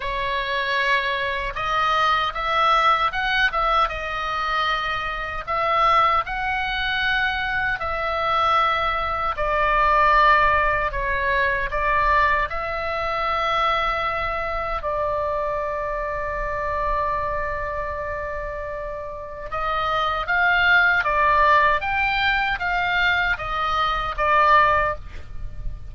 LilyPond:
\new Staff \with { instrumentName = "oboe" } { \time 4/4 \tempo 4 = 77 cis''2 dis''4 e''4 | fis''8 e''8 dis''2 e''4 | fis''2 e''2 | d''2 cis''4 d''4 |
e''2. d''4~ | d''1~ | d''4 dis''4 f''4 d''4 | g''4 f''4 dis''4 d''4 | }